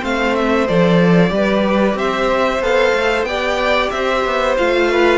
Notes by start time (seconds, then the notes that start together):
0.00 A3 C4 C5 F5
0.36 E5
0.68 F3 A4 D5
1.29 G3 G4 B4
1.94 C4 C5 E5
2.60 B3 A4 F5
2.94 A3
3.23 B3 G4 D5 G5
3.90 C4 C5 E5
4.25 B3
4.57 A3 F4 F5
4.92 B4